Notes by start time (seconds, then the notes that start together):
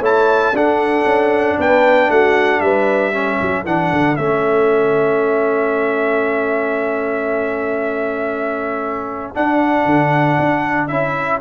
0.00 A3 E4 C#5 A5
0.53 D4 A4 F#5
1.05 C#4
1.58 B3 B4 G5
2.09 A3 F#4 F#5
2.61 G3 B4 E5
3.13 C#4 A4
3.41 F#3
3.65 E3 D4 F#5
3.92 D3
4.16 A3 C#4 E5
9.35 D4 F#5
9.85 D3
10.39 D4
10.88 C#4 E4 E5